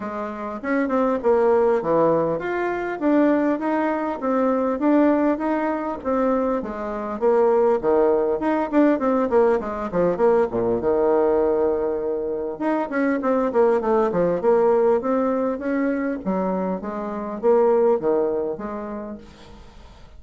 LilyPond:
\new Staff \with { instrumentName = "bassoon" } { \time 4/4 \tempo 4 = 100 gis4 cis'8 c'8 ais4 e4 | f'4 d'4 dis'4 c'4 | d'4 dis'4 c'4 gis4 | ais4 dis4 dis'8 d'8 c'8 ais8 |
gis8 f8 ais8 ais,8 dis2~ | dis4 dis'8 cis'8 c'8 ais8 a8 f8 | ais4 c'4 cis'4 fis4 | gis4 ais4 dis4 gis4 | }